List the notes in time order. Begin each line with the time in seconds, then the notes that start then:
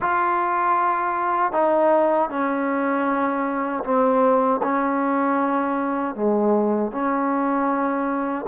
0.00 F4
1.52 D#4
2.29 C#4
3.84 C4
4.62 C#4
6.15 G#3
6.91 C#4